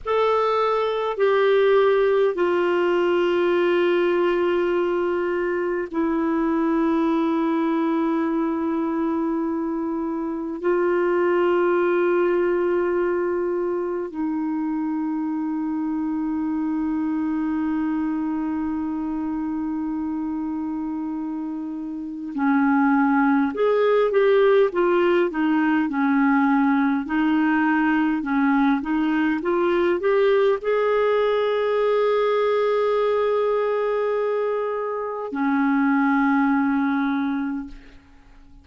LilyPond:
\new Staff \with { instrumentName = "clarinet" } { \time 4/4 \tempo 4 = 51 a'4 g'4 f'2~ | f'4 e'2.~ | e'4 f'2. | dis'1~ |
dis'2. cis'4 | gis'8 g'8 f'8 dis'8 cis'4 dis'4 | cis'8 dis'8 f'8 g'8 gis'2~ | gis'2 cis'2 | }